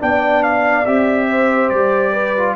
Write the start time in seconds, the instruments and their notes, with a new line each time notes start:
0.00 tuba B3, trombone D4, horn D5, trumpet G5
0.44 trumpet F5
0.86 tuba C4, trombone G4, trumpet E5
1.30 horn C5
1.70 tuba G3, trumpet D5
2.12 horn B4
2.37 trombone F4